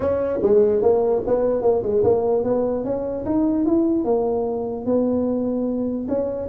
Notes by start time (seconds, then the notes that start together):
0.00 C#4
0.42 G#3
0.82 A#3
1.26 B3
1.62 A#3
1.82 G#3
2.03 A#3
2.43 B3
2.84 C#4
3.25 D#4
3.65 E4
4.04 A#3
4.85 B3
6.08 C#4